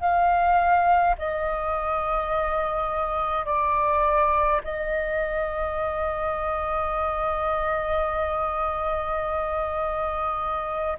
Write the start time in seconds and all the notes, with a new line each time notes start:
0.00 F5
1.18 D#5
3.45 D5
4.64 D#5